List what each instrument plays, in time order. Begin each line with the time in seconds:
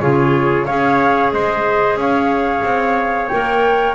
0.00 double bass C#3, clarinet F4, trumpet G#4, flute C#5
0.66 double bass C#4, clarinet G#4, trumpet C#5, flute F5
1.32 double bass G#3, trumpet C5, flute D#5
1.96 double bass C#4, trumpet C#5, flute F5
2.64 double bass C4
3.28 double bass A#3, clarinet A#4, flute G5